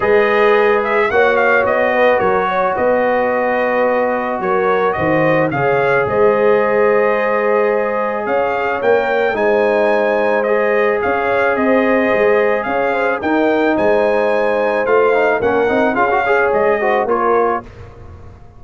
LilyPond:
<<
  \new Staff \with { instrumentName = "trumpet" } { \time 4/4 \tempo 4 = 109 dis''4. e''8 fis''8 f''8 dis''4 | cis''4 dis''2. | cis''4 dis''4 f''4 dis''4~ | dis''2. f''4 |
g''4 gis''2 dis''4 | f''4 dis''2 f''4 | g''4 gis''2 f''4 | fis''4 f''4 dis''4 cis''4 | }
  \new Staff \with { instrumentName = "horn" } { \time 4/4 b'2 cis''4. b'8 | ais'8 cis''8 b'2. | ais'4 c''4 cis''4 c''4~ | c''2. cis''4~ |
cis''4 c''2. | cis''4 c''2 cis''8 c''8 | ais'4 c''2. | ais'4 gis'8 cis''4 c''8 ais'4 | }
  \new Staff \with { instrumentName = "trombone" } { \time 4/4 gis'2 fis'2~ | fis'1~ | fis'2 gis'2~ | gis'1 |
ais'4 dis'2 gis'4~ | gis'1 | dis'2. f'8 dis'8 | cis'8 dis'8 f'16 fis'16 gis'4 fis'8 f'4 | }
  \new Staff \with { instrumentName = "tuba" } { \time 4/4 gis2 ais4 b4 | fis4 b2. | fis4 dis4 cis4 gis4~ | gis2. cis'4 |
ais4 gis2. | cis'4 c'4 gis4 cis'4 | dis'4 gis2 a4 | ais8 c'8 cis'4 gis4 ais4 | }
>>